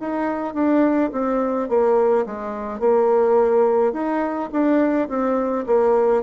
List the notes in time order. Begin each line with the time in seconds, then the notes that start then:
0.00 D#4
0.55 D4
1.13 C4
1.69 A#3
2.26 G#3
2.80 A#3
3.93 D#4
4.52 D4
5.09 C4
5.67 A#3